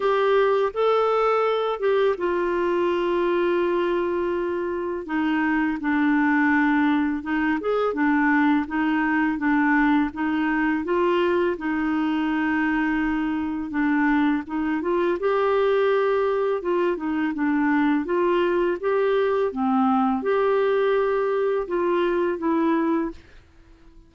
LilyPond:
\new Staff \with { instrumentName = "clarinet" } { \time 4/4 \tempo 4 = 83 g'4 a'4. g'8 f'4~ | f'2. dis'4 | d'2 dis'8 gis'8 d'4 | dis'4 d'4 dis'4 f'4 |
dis'2. d'4 | dis'8 f'8 g'2 f'8 dis'8 | d'4 f'4 g'4 c'4 | g'2 f'4 e'4 | }